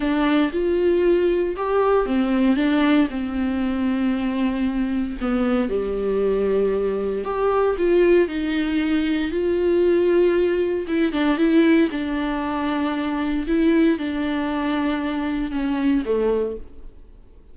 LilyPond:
\new Staff \with { instrumentName = "viola" } { \time 4/4 \tempo 4 = 116 d'4 f'2 g'4 | c'4 d'4 c'2~ | c'2 b4 g4~ | g2 g'4 f'4 |
dis'2 f'2~ | f'4 e'8 d'8 e'4 d'4~ | d'2 e'4 d'4~ | d'2 cis'4 a4 | }